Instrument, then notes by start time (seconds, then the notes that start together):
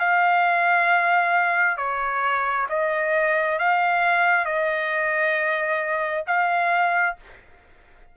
trumpet
0.00 F5
1.77 C#5
2.69 D#5
3.59 F5
4.46 D#5
6.27 F5